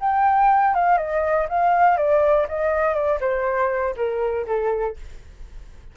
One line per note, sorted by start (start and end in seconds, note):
0.00 0.74 G5
0.74 0.98 F5
0.98 1.47 D#5
1.49 1.97 F5
1.97 2.47 D5
2.48 2.94 D#5
2.94 3.19 D5
3.20 3.95 C5
3.96 4.46 A#4
4.47 4.96 A4